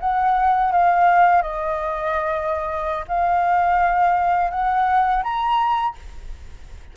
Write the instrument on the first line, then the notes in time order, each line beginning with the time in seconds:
flute
0.00 F#5
0.72 F5
1.42 D#5
3.08 F5
4.50 F#5
5.23 A#5